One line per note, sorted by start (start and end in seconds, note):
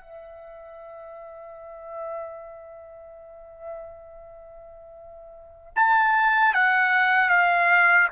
0.00 5.72 E5
5.76 6.53 A5
6.53 7.29 F#5
7.29 8.08 F5